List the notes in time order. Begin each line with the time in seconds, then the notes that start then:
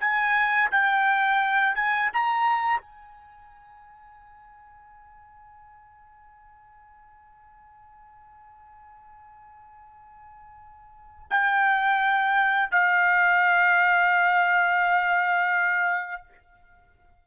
0.00 G#5
0.71 G5
1.76 G#5
2.14 A#5
2.81 G#5
11.31 G5
12.71 F5